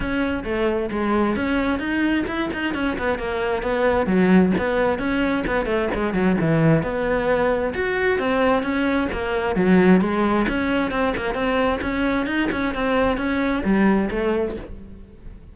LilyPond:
\new Staff \with { instrumentName = "cello" } { \time 4/4 \tempo 4 = 132 cis'4 a4 gis4 cis'4 | dis'4 e'8 dis'8 cis'8 b8 ais4 | b4 fis4 b4 cis'4 | b8 a8 gis8 fis8 e4 b4~ |
b4 fis'4 c'4 cis'4 | ais4 fis4 gis4 cis'4 | c'8 ais8 c'4 cis'4 dis'8 cis'8 | c'4 cis'4 g4 a4 | }